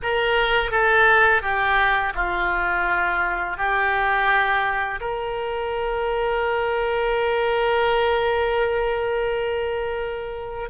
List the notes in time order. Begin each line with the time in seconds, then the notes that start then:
0.02 A#4
0.71 A4
1.42 G4
2.14 F4
3.57 G4
5.00 A#4